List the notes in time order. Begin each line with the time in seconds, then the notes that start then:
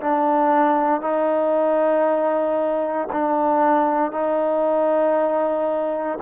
0.00 D4
1.01 D#4
3.12 D4
4.11 D#4